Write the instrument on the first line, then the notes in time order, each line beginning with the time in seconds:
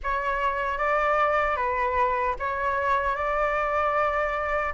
flute
0.03 C#5
0.78 D5
1.56 B4
2.39 C#5
3.15 D5